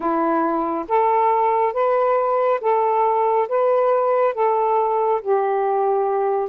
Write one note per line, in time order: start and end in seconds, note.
0.00 0.85 E4
0.88 1.73 A4
1.73 2.60 B4
2.60 3.47 A4
3.48 4.34 B4
4.34 5.21 A4
5.21 6.49 G4